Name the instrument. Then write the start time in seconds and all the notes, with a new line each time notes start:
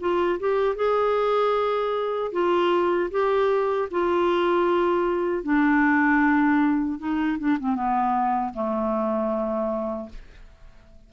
clarinet
0.00 F4
0.40 G4
0.76 G#4
2.32 F4
3.11 G4
3.91 F4
5.43 D4
6.99 D#4
7.39 D4
7.60 C4
7.75 B3
8.54 A3